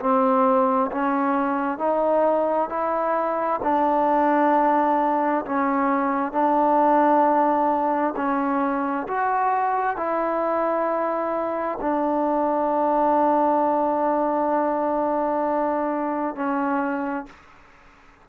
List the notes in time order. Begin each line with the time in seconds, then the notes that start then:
0.00 C4
0.92 C#4
1.79 D#4
2.70 E4
3.63 D4
5.46 C#4
6.33 D4
8.17 C#4
9.08 F#4
9.97 E4
11.81 D4
16.36 C#4